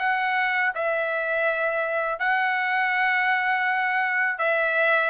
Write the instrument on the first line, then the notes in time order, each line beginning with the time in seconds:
trumpet
0.00 F#5
0.75 E5
2.20 F#5
4.39 E5